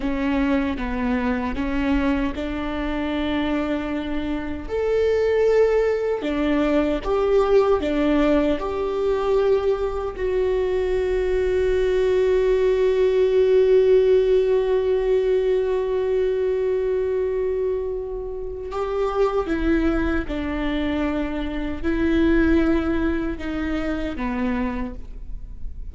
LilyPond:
\new Staff \with { instrumentName = "viola" } { \time 4/4 \tempo 4 = 77 cis'4 b4 cis'4 d'4~ | d'2 a'2 | d'4 g'4 d'4 g'4~ | g'4 fis'2.~ |
fis'1~ | fis'1 | g'4 e'4 d'2 | e'2 dis'4 b4 | }